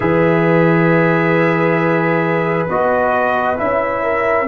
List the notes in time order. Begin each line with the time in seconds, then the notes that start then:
0.00 E3 G#4 B4 E5
2.68 B3 F#4 D#5
3.56 C#4 E4 E5
4.03 A#4